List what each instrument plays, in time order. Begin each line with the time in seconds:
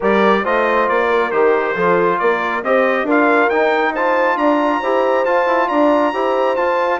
0.00 bassoon G3, trombone G4, horn A#4, trumpet D5
0.42 bassoon A3, trombone F4, horn C5, trumpet D#5
0.88 bassoon A#3, trumpet D5
1.08 horn A#4
1.31 bassoon D#3, trombone G4, trumpet C5
1.75 bassoon F3, trombone F4, horn A4
2.18 bassoon A#3, horn A#4, trumpet D5
2.63 bassoon C4, trombone G4, horn C5, trumpet D#5
3.03 bassoon D4, trombone F4, horn A#4
3.10 trumpet F5
3.49 trombone D#4, bassoon D#4, trumpet G5
3.93 trombone F4, horn C5, trumpet A5
4.36 bassoon D4, horn D5, trumpet A#5
4.80 bassoon E4, trombone G4, horn C5
5.24 bassoon F4, trombone F4, trumpet A5
5.45 bassoon E4
5.68 bassoon D4, horn D5, trumpet A#5
6.13 bassoon E4, trombone G4, horn C5
6.56 trombone F4, bassoon F4, trumpet A5